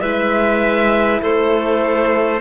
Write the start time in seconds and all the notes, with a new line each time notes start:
0.00 G#3 E4 B4 E5
1.22 A3 A4 C5